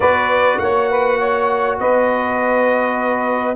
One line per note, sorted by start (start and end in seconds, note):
0.00 0.58 B3
0.00 3.55 F#4
0.00 0.59 B4
0.00 0.58 D5
0.58 1.79 A#3
0.58 0.89 C#5
0.58 1.77 F#5
0.89 1.18 B4
1.18 1.77 C#5
1.79 3.56 B3
1.79 3.56 B4
1.79 3.56 D#5